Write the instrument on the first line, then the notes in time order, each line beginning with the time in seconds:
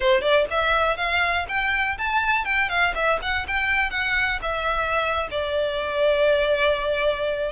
violin
0.00 C5
0.21 D5
0.50 E5
0.97 F5
1.48 G5
1.98 A5
2.44 G5
2.69 F5
2.95 E5
3.21 F#5
3.47 G5
3.90 F#5
4.42 E5
5.30 D5